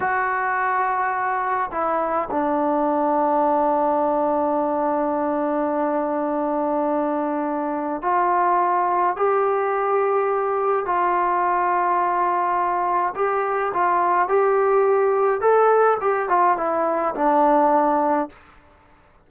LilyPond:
\new Staff \with { instrumentName = "trombone" } { \time 4/4 \tempo 4 = 105 fis'2. e'4 | d'1~ | d'1~ | d'2 f'2 |
g'2. f'4~ | f'2. g'4 | f'4 g'2 a'4 | g'8 f'8 e'4 d'2 | }